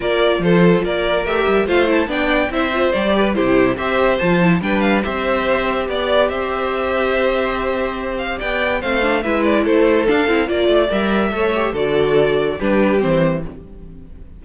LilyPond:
<<
  \new Staff \with { instrumentName = "violin" } { \time 4/4 \tempo 4 = 143 d''4 c''4 d''4 e''4 | f''8 a''8 g''4 e''4 d''4 | c''4 e''4 a''4 g''8 f''8 | e''2 d''4 e''4~ |
e''2.~ e''8 f''8 | g''4 f''4 e''8 d''8 c''4 | f''4 d''4 e''2 | d''2 b'4 c''4 | }
  \new Staff \with { instrumentName = "violin" } { \time 4/4 ais'4 a'4 ais'2 | c''4 d''4 c''4. b'8 | g'4 c''2 b'4 | c''2 d''4 c''4~ |
c''1 | d''4 c''4 b'4 a'4~ | a'4 d''2 cis''4 | a'2 g'2 | }
  \new Staff \with { instrumentName = "viola" } { \time 4/4 f'2. g'4 | f'8 e'8 d'4 e'8 f'8 g'4 | e'4 g'4 f'8 e'8 d'4 | g'1~ |
g'1~ | g'4 c'8 d'8 e'2 | d'8 e'8 f'4 ais'4 a'8 g'8 | fis'2 d'4 c'4 | }
  \new Staff \with { instrumentName = "cello" } { \time 4/4 ais4 f4 ais4 a8 g8 | a4 b4 c'4 g4 | c4 c'4 f4 g4 | c'2 b4 c'4~ |
c'1 | b4 a4 gis4 a4 | d'8 c'8 ais8 a8 g4 a4 | d2 g4 e4 | }
>>